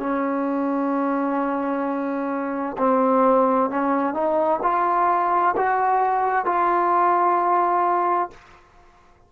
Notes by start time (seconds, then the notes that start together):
0.00 C#4
2.78 C4
3.70 C#4
4.14 D#4
4.63 F4
5.57 F#4
6.46 F4